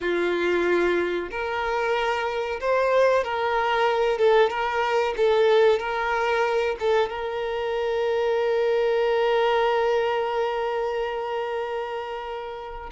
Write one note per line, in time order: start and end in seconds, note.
0.00 1.29 F4
1.30 2.60 A#4
2.60 3.24 C5
3.24 4.18 A#4
4.18 4.50 A4
4.50 5.14 A#4
5.16 5.79 A4
5.79 6.76 A#4
6.79 7.09 A4
7.09 12.90 A#4